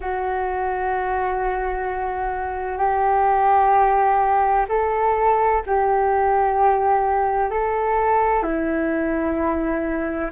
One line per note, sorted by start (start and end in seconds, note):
0.00 2.78 F#4
2.78 4.65 G4
4.68 5.62 A4
5.66 7.50 G4
7.50 8.42 A4
8.42 10.30 E4